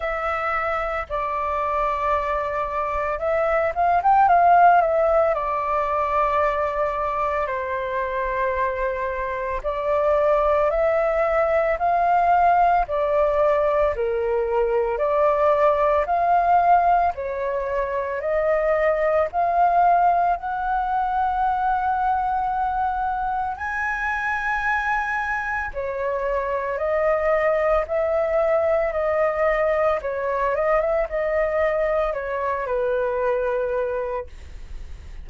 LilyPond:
\new Staff \with { instrumentName = "flute" } { \time 4/4 \tempo 4 = 56 e''4 d''2 e''8 f''16 g''16 | f''8 e''8 d''2 c''4~ | c''4 d''4 e''4 f''4 | d''4 ais'4 d''4 f''4 |
cis''4 dis''4 f''4 fis''4~ | fis''2 gis''2 | cis''4 dis''4 e''4 dis''4 | cis''8 dis''16 e''16 dis''4 cis''8 b'4. | }